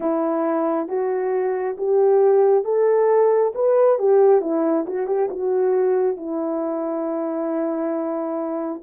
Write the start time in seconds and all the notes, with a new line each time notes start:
0.00 E4
0.88 F#4
1.77 G4
2.64 A4
3.54 B4
3.99 G4
4.41 E4
4.86 F#4
5.06 G4
5.29 F#4
6.16 E4